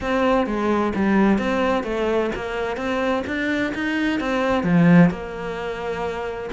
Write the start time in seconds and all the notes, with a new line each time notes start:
0.00 C4
0.46 G#3
0.95 G3
1.38 C4
1.83 A3
2.35 A#3
2.77 C4
3.26 D4
3.74 D#4
4.20 C4
4.63 F3
5.10 A#3